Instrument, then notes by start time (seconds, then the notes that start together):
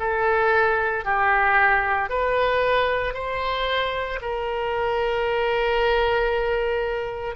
oboe
0.00 A4
1.05 G4
2.10 B4
3.14 C5
4.22 A#4